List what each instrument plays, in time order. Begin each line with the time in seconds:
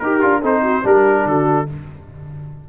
0.00 tuba D#4, trombone G4, horn G4, trumpet A#4
0.21 tuba D4, trombone F4
0.41 tuba C4, trombone D#4, horn A4, trumpet C5
0.63 horn F#4
0.84 tuba G3, trombone D4, horn G4, trumpet A#4
1.26 tuba D3, horn F#4, trumpet A4